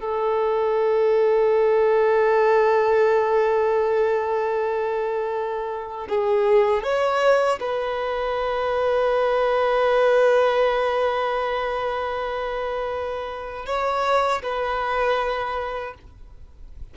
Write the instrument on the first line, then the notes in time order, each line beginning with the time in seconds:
violin
0.00 A4
6.09 G#4
6.84 C#5
7.60 B4
13.66 C#5
14.42 B4